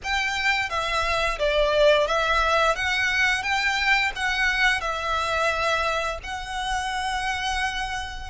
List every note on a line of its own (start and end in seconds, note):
0.03 0.69 G5
0.69 1.38 E5
1.38 2.07 D5
2.07 2.75 E5
2.75 3.42 F#5
3.42 4.11 G5
4.15 4.80 F#5
4.80 6.18 E5
6.23 8.30 F#5